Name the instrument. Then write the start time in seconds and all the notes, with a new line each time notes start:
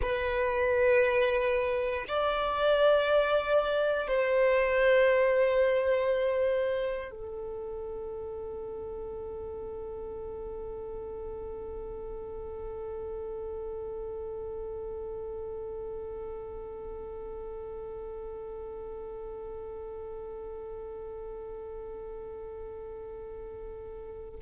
violin
0.01 B4
2.08 D5
4.07 C5
7.10 A4